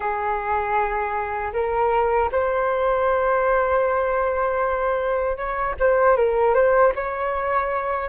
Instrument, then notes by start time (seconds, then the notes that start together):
flute
0.00 G#4
1.53 A#4
2.31 C5
5.37 C#5
5.79 C5
6.16 A#4
6.54 C5
6.95 C#5